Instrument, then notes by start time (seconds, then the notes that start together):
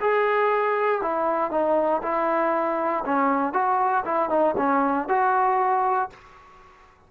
trombone
0.00 G#4
1.01 E4
1.50 D#4
2.02 E4
3.05 C#4
3.53 F#4
4.05 E4
4.29 D#4
4.57 C#4
5.08 F#4